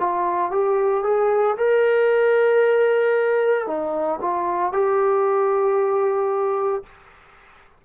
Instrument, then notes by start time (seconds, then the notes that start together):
trombone
0.00 F4
0.52 G4
1.04 G#4
1.57 A#4
3.67 D#4
4.22 F4
4.73 G4